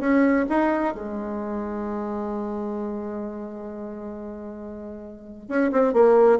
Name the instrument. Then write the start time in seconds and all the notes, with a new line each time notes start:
bassoon
0.00 C#4
0.49 D#4
0.94 G#3
5.48 C#4
5.71 C4
5.93 A#3